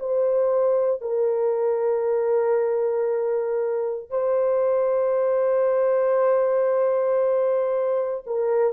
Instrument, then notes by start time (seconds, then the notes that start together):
horn
0.00 C5
1.02 A#4
4.11 C5
8.27 A#4